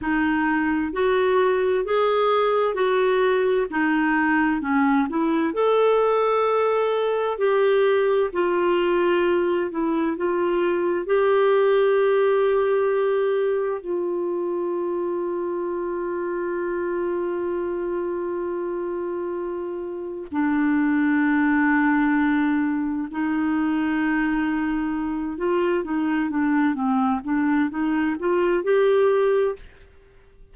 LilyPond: \new Staff \with { instrumentName = "clarinet" } { \time 4/4 \tempo 4 = 65 dis'4 fis'4 gis'4 fis'4 | dis'4 cis'8 e'8 a'2 | g'4 f'4. e'8 f'4 | g'2. f'4~ |
f'1~ | f'2 d'2~ | d'4 dis'2~ dis'8 f'8 | dis'8 d'8 c'8 d'8 dis'8 f'8 g'4 | }